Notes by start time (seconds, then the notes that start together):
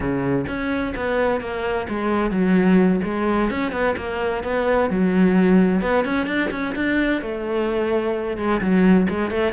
0.00 C#3
0.47 C#4
0.95 B3
1.40 A#3
1.88 G#3
2.30 F#3
3.04 G#3
3.50 C#4
3.72 B3
3.97 A#3
4.43 B3
4.89 F#3
5.81 B3
6.04 C#4
6.26 D4
6.51 C#4
6.75 D4
7.21 A3
8.37 G#3
8.60 F#3
9.09 G#3
9.30 A3